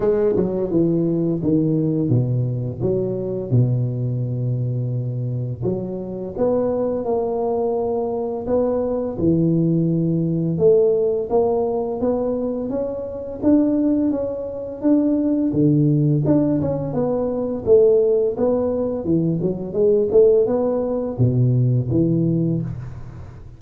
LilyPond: \new Staff \with { instrumentName = "tuba" } { \time 4/4 \tempo 4 = 85 gis8 fis8 e4 dis4 b,4 | fis4 b,2. | fis4 b4 ais2 | b4 e2 a4 |
ais4 b4 cis'4 d'4 | cis'4 d'4 d4 d'8 cis'8 | b4 a4 b4 e8 fis8 | gis8 a8 b4 b,4 e4 | }